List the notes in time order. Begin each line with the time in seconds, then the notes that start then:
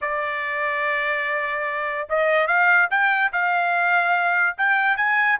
0.01 D5
2.09 D#5
2.47 F5
2.90 G5
3.32 F5
4.57 G5
4.96 G#5